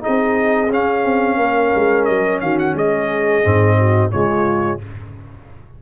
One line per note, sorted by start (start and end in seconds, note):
0.00 0.68 D#4
0.00 1.38 G#4
0.00 0.71 D#5
0.07 0.70 C4
0.70 1.04 C#4
0.70 3.43 C#4
0.70 2.05 F5
1.05 1.37 C4
1.37 1.71 A#3
1.37 2.42 A#4
1.75 2.09 G#3
2.05 2.41 F#3
2.05 2.39 D#5
2.41 2.74 D#3
2.41 2.75 F#4
2.41 2.58 F5
2.59 2.76 F#5
2.74 3.42 G#3
2.74 3.77 G#4
2.74 4.11 D#5
3.43 4.13 G#2
3.43 4.10 C4
3.77 4.11 F#4
4.10 4.82 C#3
4.10 4.79 G#3
4.10 4.81 F4
4.10 4.79 C#5